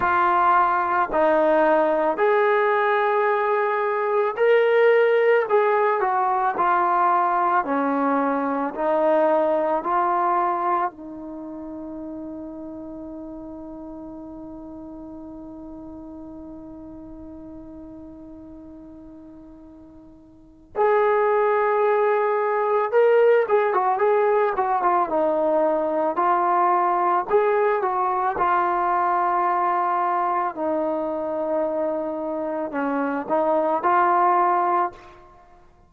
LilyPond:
\new Staff \with { instrumentName = "trombone" } { \time 4/4 \tempo 4 = 55 f'4 dis'4 gis'2 | ais'4 gis'8 fis'8 f'4 cis'4 | dis'4 f'4 dis'2~ | dis'1~ |
dis'2. gis'4~ | gis'4 ais'8 gis'16 fis'16 gis'8 fis'16 f'16 dis'4 | f'4 gis'8 fis'8 f'2 | dis'2 cis'8 dis'8 f'4 | }